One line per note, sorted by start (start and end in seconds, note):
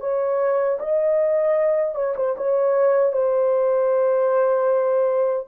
0.00 0.78 C#5
0.79 1.95 D#5
1.95 2.14 C#5
2.16 2.36 C5
2.37 3.12 C#5
3.12 5.46 C5